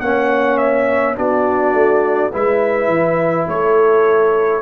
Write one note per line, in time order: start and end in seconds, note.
0.00 1.16 A#3
0.00 1.15 C#4
0.00 1.17 C#5
0.00 0.57 F#5
0.57 1.15 E5
1.15 1.73 B3
1.15 2.31 D4
1.15 2.31 F#4
1.15 2.33 D5
1.73 2.31 A3
2.31 2.87 G#3
2.31 4.62 E4
2.31 3.47 B4
2.31 3.48 E5
2.87 3.45 E3
3.48 4.62 A3
3.48 4.62 A4
3.48 4.62 C#5